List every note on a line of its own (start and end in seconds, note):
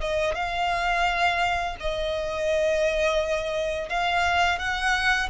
0.00 0.35 D#5
0.35 1.76 F5
1.80 3.89 D#5
3.89 4.59 F5
4.59 5.29 F#5